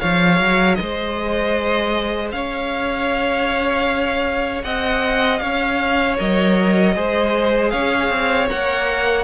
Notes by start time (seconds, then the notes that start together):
0.00 F3 G#4 C#5 F5
0.40 F#3
0.75 G#3 D#5
0.82 C5
2.31 C#4 C#5 F5
4.64 C4 D#5 F#5
5.38 C#4 C#5 F5
6.18 F#3 A#4 D#5
6.94 G#3 G#4 C5
7.70 C#4 C#5 F5
8.09 C4
8.50 A#3 A#4 F#5